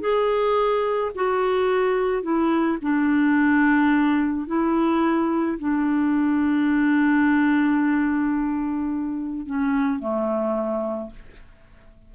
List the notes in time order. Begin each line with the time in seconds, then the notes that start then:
0.00 G#4
1.15 F#4
2.22 E4
2.82 D4
4.47 E4
5.58 D4
9.46 C#4
9.99 A3